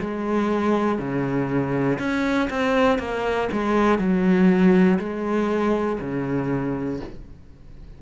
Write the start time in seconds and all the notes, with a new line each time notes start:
0.00 G#3
0.99 C#3
1.99 C#4
2.50 C4
2.99 A#3
3.52 G#3
3.99 F#3
5.00 G#3
6.00 C#3